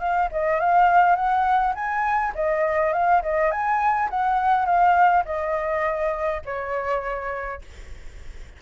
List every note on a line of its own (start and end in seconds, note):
0.00 0.29 F5
0.32 0.60 D#5
0.60 1.16 F5
1.16 1.74 F#5
1.75 2.33 G#5
2.35 2.93 D#5
2.93 3.22 F5
3.23 3.51 D#5
3.51 4.10 G#5
4.10 4.66 F#5
4.66 5.24 F5
5.26 6.42 D#5
6.45 7.62 C#5